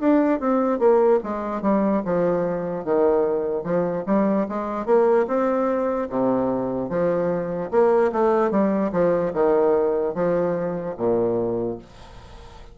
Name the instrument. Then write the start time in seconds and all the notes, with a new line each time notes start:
bassoon
0.00 D4
0.40 C4
0.79 A#3
1.24 G#3
1.63 G3
2.05 F3
2.85 D#3
3.64 F3
4.07 G3
4.49 G#3
4.86 A#3
5.28 C4
6.10 C3
6.90 F3
7.71 A#3
8.13 A3
8.51 G3
8.93 F3
9.34 D#3
10.15 F3
10.98 A#2